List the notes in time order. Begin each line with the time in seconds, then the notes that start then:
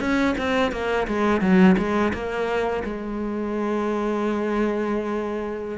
0.00 C#4
0.37 C4
0.72 A#3
1.07 G#3
1.41 F#3
1.77 G#3
2.13 A#3
2.84 G#3